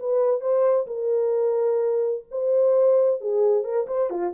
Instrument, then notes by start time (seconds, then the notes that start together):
horn
0.00 B4
0.41 C5
0.87 A#4
2.32 C5
3.21 G#4
3.65 A#4
3.88 C5
4.11 F4